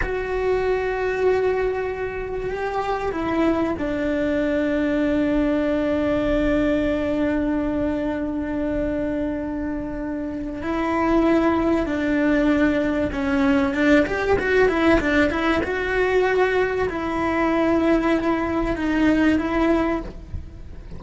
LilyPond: \new Staff \with { instrumentName = "cello" } { \time 4/4 \tempo 4 = 96 fis'1 | g'4 e'4 d'2~ | d'1~ | d'1~ |
d'4 e'2 d'4~ | d'4 cis'4 d'8 g'8 fis'8 e'8 | d'8 e'8 fis'2 e'4~ | e'2 dis'4 e'4 | }